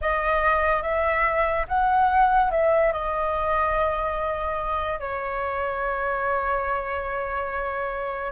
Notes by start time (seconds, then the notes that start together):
0.01 D#5
0.82 E5
1.68 F#5
2.50 E5
2.92 D#5
4.99 C#5